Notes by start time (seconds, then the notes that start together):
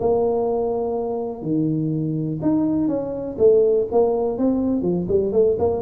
0.00 A#3
1.42 D#3
2.42 D#4
2.88 C#4
3.38 A3
3.92 A#3
4.38 C4
4.82 F3
5.08 G3
5.32 A3
5.59 A#3